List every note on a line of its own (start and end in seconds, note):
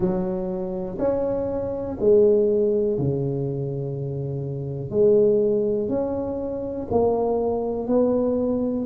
0.00 0.97 F#3
0.98 1.97 C#4
1.99 2.98 G#3
2.98 4.90 C#3
4.90 5.88 G#3
5.88 6.87 C#4
6.91 7.87 A#3
7.87 8.85 B3